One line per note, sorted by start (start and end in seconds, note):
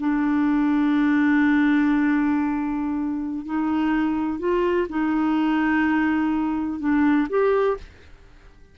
0.00 3.46 D4
3.46 4.40 D#4
4.40 4.88 F4
4.90 6.80 D#4
6.80 7.28 D4
7.30 7.78 G4